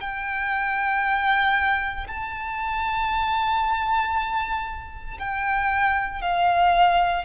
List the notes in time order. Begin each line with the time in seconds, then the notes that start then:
0.00 G5
2.07 A5
5.19 G5
6.21 F5